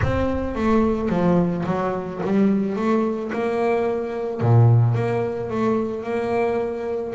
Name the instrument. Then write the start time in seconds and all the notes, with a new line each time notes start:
double bass
0.02 C4
0.55 A3
1.09 F3
1.66 F#3
2.23 G3
2.75 A3
3.32 A#3
4.40 A#2
4.94 A#3
5.50 A3
6.03 A#3